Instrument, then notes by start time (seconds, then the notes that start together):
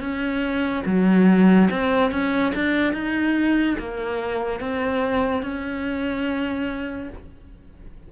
cello
0.00 C#4
0.86 F#3
1.70 C4
2.11 C#4
2.55 D4
2.93 D#4
3.78 A#3
4.60 C4
5.42 C#4